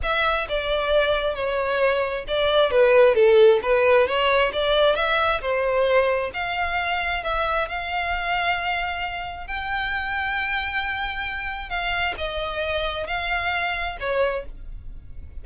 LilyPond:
\new Staff \with { instrumentName = "violin" } { \time 4/4 \tempo 4 = 133 e''4 d''2 cis''4~ | cis''4 d''4 b'4 a'4 | b'4 cis''4 d''4 e''4 | c''2 f''2 |
e''4 f''2.~ | f''4 g''2.~ | g''2 f''4 dis''4~ | dis''4 f''2 cis''4 | }